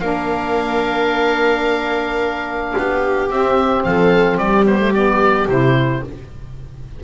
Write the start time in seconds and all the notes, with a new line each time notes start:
0.00 A#3 D4 A#4 F5
2.77 B3 G4
3.29 C4 E5
3.83 F3 A4 F5
4.37 G3 G4 D5
4.65 B3 C5
4.79 A3
4.94 B3 D5
5.48 C3 E4 C5